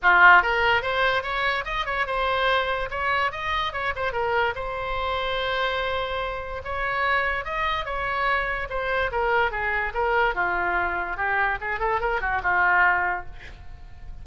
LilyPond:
\new Staff \with { instrumentName = "oboe" } { \time 4/4 \tempo 4 = 145 f'4 ais'4 c''4 cis''4 | dis''8 cis''8 c''2 cis''4 | dis''4 cis''8 c''8 ais'4 c''4~ | c''1 |
cis''2 dis''4 cis''4~ | cis''4 c''4 ais'4 gis'4 | ais'4 f'2 g'4 | gis'8 a'8 ais'8 fis'8 f'2 | }